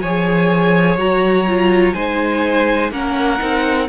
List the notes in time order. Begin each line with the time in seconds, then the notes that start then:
0.00 F3 G#4 C#5 G#5
0.96 F#3 F#4 A#5
1.48 F4
1.94 G#3 D#4 C5 G#5
2.91 A#3 C#4 A#4 F#5
3.39 C4 D#4